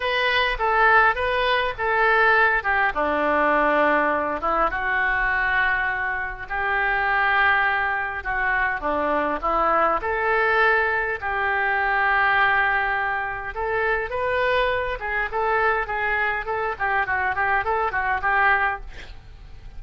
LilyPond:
\new Staff \with { instrumentName = "oboe" } { \time 4/4 \tempo 4 = 102 b'4 a'4 b'4 a'4~ | a'8 g'8 d'2~ d'8 e'8 | fis'2. g'4~ | g'2 fis'4 d'4 |
e'4 a'2 g'4~ | g'2. a'4 | b'4. gis'8 a'4 gis'4 | a'8 g'8 fis'8 g'8 a'8 fis'8 g'4 | }